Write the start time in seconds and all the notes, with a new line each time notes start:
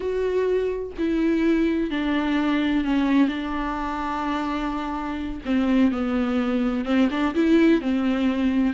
0.00 F#4
0.98 E4
1.90 D4
2.84 C#4
3.28 D4
5.45 C4
5.91 B3
6.85 C4
7.10 D4
7.34 E4
7.81 C4